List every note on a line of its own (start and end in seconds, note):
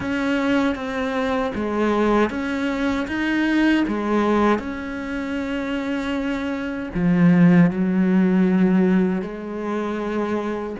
0.00 0.75 C#4
0.75 1.52 C4
1.54 2.29 G#3
2.29 3.06 C#4
3.07 3.84 D#4
3.87 4.58 G#3
4.58 6.89 C#4
6.94 7.70 F3
7.70 9.22 F#3
9.22 10.76 G#3